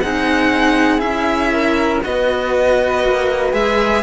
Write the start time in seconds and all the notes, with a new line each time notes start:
0.00 C4 D#4 G#4 F#5
0.98 C#4 E4 E5
1.53 A#4
2.03 B3 F#4 B4 D#5
3.04 A#3
3.53 G#3 G#4 E5